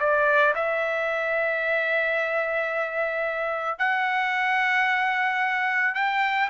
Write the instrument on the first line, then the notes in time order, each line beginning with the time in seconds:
trumpet
0.00 D5
0.55 E5
3.79 F#5
5.95 G5